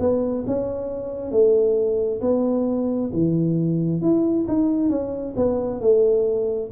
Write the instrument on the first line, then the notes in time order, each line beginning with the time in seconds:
tuba
0.00 B3
0.47 C#4
1.31 A3
2.21 B3
3.13 E3
4.02 E4
4.48 D#4
4.90 C#4
5.36 B3
5.81 A3